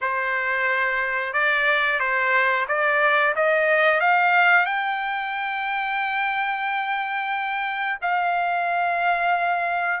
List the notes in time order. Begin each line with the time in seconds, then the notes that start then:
0.01 C5
1.33 D5
1.99 C5
2.68 D5
3.35 D#5
4.00 F5
4.65 G5
8.01 F5